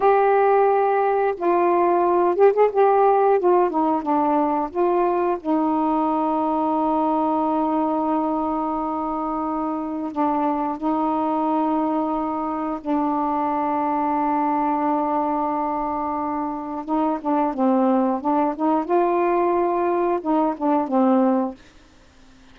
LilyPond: \new Staff \with { instrumentName = "saxophone" } { \time 4/4 \tempo 4 = 89 g'2 f'4. g'16 gis'16 | g'4 f'8 dis'8 d'4 f'4 | dis'1~ | dis'2. d'4 |
dis'2. d'4~ | d'1~ | d'4 dis'8 d'8 c'4 d'8 dis'8 | f'2 dis'8 d'8 c'4 | }